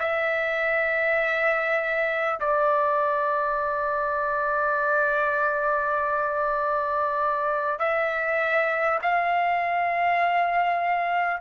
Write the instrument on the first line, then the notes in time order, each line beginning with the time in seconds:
trumpet
0.00 E5
2.41 D5
7.80 E5
9.03 F5